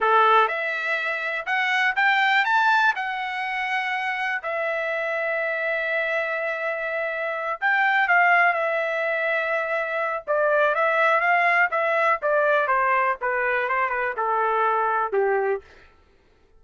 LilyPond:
\new Staff \with { instrumentName = "trumpet" } { \time 4/4 \tempo 4 = 123 a'4 e''2 fis''4 | g''4 a''4 fis''2~ | fis''4 e''2.~ | e''2.~ e''8 g''8~ |
g''8 f''4 e''2~ e''8~ | e''4 d''4 e''4 f''4 | e''4 d''4 c''4 b'4 | c''8 b'8 a'2 g'4 | }